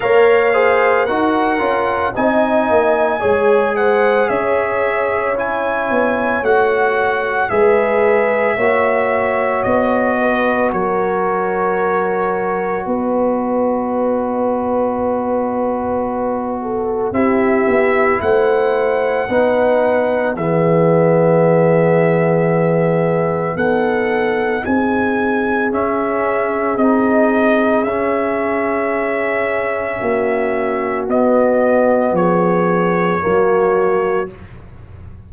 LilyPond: <<
  \new Staff \with { instrumentName = "trumpet" } { \time 4/4 \tempo 4 = 56 f''4 fis''4 gis''4. fis''8 | e''4 gis''4 fis''4 e''4~ | e''4 dis''4 cis''2 | dis''1 |
e''4 fis''2 e''4~ | e''2 fis''4 gis''4 | e''4 dis''4 e''2~ | e''4 dis''4 cis''2 | }
  \new Staff \with { instrumentName = "horn" } { \time 4/4 cis''8 c''8 ais'4 dis''4 cis''8 c''8 | cis''2. b'4 | cis''4. b'8 ais'2 | b'2.~ b'8 a'8 |
g'4 c''4 b'4 gis'4~ | gis'2 a'4 gis'4~ | gis'1 | fis'2 gis'4 fis'4 | }
  \new Staff \with { instrumentName = "trombone" } { \time 4/4 ais'8 gis'8 fis'8 f'8 dis'4 gis'4~ | gis'4 e'4 fis'4 gis'4 | fis'1~ | fis'1 |
e'2 dis'4 b4~ | b2 dis'2 | cis'4 dis'4 cis'2~ | cis'4 b2 ais4 | }
  \new Staff \with { instrumentName = "tuba" } { \time 4/4 ais4 dis'8 cis'8 c'8 ais8 gis4 | cis'4. b8 a4 gis4 | ais4 b4 fis2 | b1 |
c'8 b8 a4 b4 e4~ | e2 b4 c'4 | cis'4 c'4 cis'2 | ais4 b4 f4 fis4 | }
>>